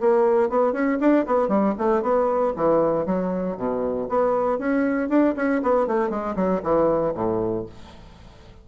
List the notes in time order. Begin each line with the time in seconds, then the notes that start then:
0.00 A#3
0.49 B3
0.72 C#4
1.00 D4
1.26 B3
1.48 G3
1.78 A3
2.02 B3
2.56 E3
3.06 F#3
3.57 B2
4.09 B3
4.59 C#4
5.09 D4
5.36 C#4
5.62 B3
5.87 A3
6.10 G#3
6.35 F#3
6.63 E3
7.14 A2